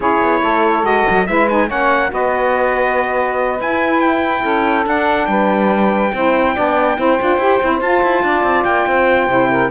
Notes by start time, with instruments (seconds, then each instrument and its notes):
0.00 cello C#4, saxophone E4 G#4, trumpet C#5
0.21 cello B3
0.42 cello A3, saxophone A4
0.82 cello G#3, saxophone F#4, trumpet D#5
1.09 cello F#3
1.26 cello G#3, saxophone E4 B4, trumpet E5
1.49 saxophone D#4, trumpet G#5
1.67 cello A#3, saxophone C#4 C#5, trumpet F#5
2.09 cello B3, saxophone F#4 B4, trumpet D#5
3.59 cello E4, saxophone E4, trumpet G#5
4.00 trumpet G5
4.42 cello C#4, saxophone A4
4.83 saxophone D4, cello D4, trumpet F#5
5.26 cello G3, saxophone B4, trumpet G5
6.13 cello C4, saxophone E4 C5
6.54 cello B3, saxophone D4 D5
6.97 cello C4, saxophone E4 C5
7.18 cello D4, saxophone F4
7.37 cello E4, saxophone G4
7.60 cello C4, saxophone E4
7.80 cello F4, saxophone F4, trumpet A5
8.02 cello E4
8.22 cello D4, saxophone D5
8.42 cello C4
8.64 cello A#3, trumpet G5
8.87 cello C4, saxophone C5
9.26 cello C3, saxophone E4
9.49 saxophone A#4